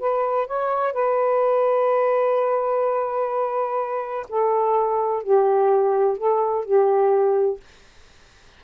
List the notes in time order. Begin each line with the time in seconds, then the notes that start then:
0.00 B4
0.47 C#5
0.94 B4
4.29 A4
5.23 G4
6.18 A4
6.66 G4